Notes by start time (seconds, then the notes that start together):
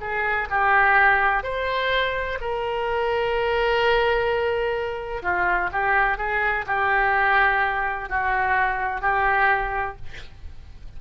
0.00 G#4
0.50 G4
1.43 C5
2.40 A#4
5.22 F4
5.71 G4
6.17 G#4
6.66 G4
8.09 F#4
9.00 G4